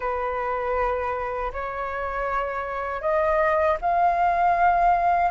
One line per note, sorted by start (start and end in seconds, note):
0.00 1.52 B4
1.53 3.01 C#5
3.01 3.77 D#5
3.81 5.30 F5